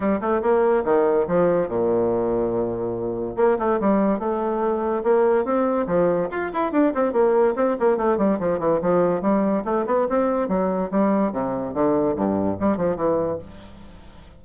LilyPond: \new Staff \with { instrumentName = "bassoon" } { \time 4/4 \tempo 4 = 143 g8 a8 ais4 dis4 f4 | ais,1 | ais8 a8 g4 a2 | ais4 c'4 f4 f'8 e'8 |
d'8 c'8 ais4 c'8 ais8 a8 g8 | f8 e8 f4 g4 a8 b8 | c'4 fis4 g4 c4 | d4 g,4 g8 f8 e4 | }